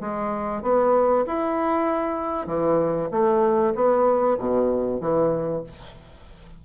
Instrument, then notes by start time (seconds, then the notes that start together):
bassoon
0.00 G#3
0.62 B3
1.26 E4
2.46 E3
3.11 A3
3.75 B3
4.38 B2
5.00 E3